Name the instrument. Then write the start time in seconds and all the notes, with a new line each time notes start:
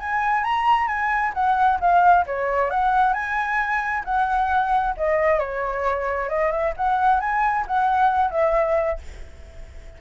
flute
0.00 G#5
0.44 A#5
0.88 G#5
1.34 F#5
1.80 F5
2.27 C#5
2.70 F#5
3.14 G#5
4.05 F#5
4.97 D#5
5.39 C#5
6.30 D#5
6.52 E5
6.77 F#5
7.21 G#5
7.67 F#5
8.31 E5